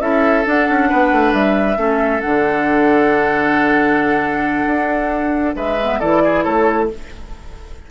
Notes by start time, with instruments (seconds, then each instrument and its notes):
0.00 bassoon C#4, clarinet E4, oboe A4, flute E5
0.44 clarinet D4, bassoon D4, flute F#5
0.69 bassoon C#4
0.89 bassoon B3, oboe B4
1.11 bassoon A3
1.33 bassoon G3, flute E5
1.76 bassoon A3, clarinet C#4, oboe A4
2.21 bassoon D3, clarinet D4, flute F#5
4.66 bassoon D4
5.55 bassoon G#3, oboe B4, flute E5
5.81 clarinet B3
5.99 bassoon E3, clarinet E4, oboe A4, flute D5
6.24 oboe G#4
6.43 bassoon A3, oboe A4, flute C#5